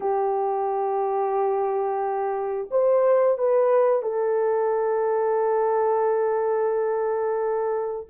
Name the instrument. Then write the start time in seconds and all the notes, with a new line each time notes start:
horn
0.00 G4
2.70 C5
3.38 B4
4.02 A4